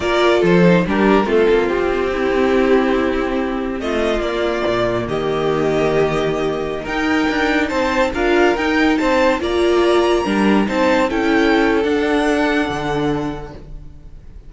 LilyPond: <<
  \new Staff \with { instrumentName = "violin" } { \time 4/4 \tempo 4 = 142 d''4 c''4 ais'4 a'4 | g'1~ | g'4 dis''4 d''2 | dis''1~ |
dis''16 g''2 a''4 f''8.~ | f''16 g''4 a''4 ais''4.~ ais''16~ | ais''4~ ais''16 a''4 g''4.~ g''16 | fis''1 | }
  \new Staff \with { instrumentName = "violin" } { \time 4/4 ais'4 a'4 g'4 f'4~ | f'4 e'2.~ | e'4 f'2. | g'1~ |
g'16 ais'2 c''4 ais'8.~ | ais'4~ ais'16 c''4 d''4.~ d''16~ | d''16 ais'4 c''4 a'4.~ a'16~ | a'1 | }
  \new Staff \with { instrumentName = "viola" } { \time 4/4 f'4. dis'8 d'4 c'4~ | c'1~ | c'2 ais2~ | ais1~ |
ais16 dis'2. f'8.~ | f'16 dis'2 f'4.~ f'16~ | f'16 d'4 dis'4 e'4.~ e'16 | d'1 | }
  \new Staff \with { instrumentName = "cello" } { \time 4/4 ais4 f4 g4 a8 ais8 | c'1~ | c'4 a4 ais4 ais,4 | dis1~ |
dis16 dis'4 d'4 c'4 d'8.~ | d'16 dis'4 c'4 ais4.~ ais16~ | ais16 g4 c'4 cis'4.~ cis'16 | d'2 d2 | }
>>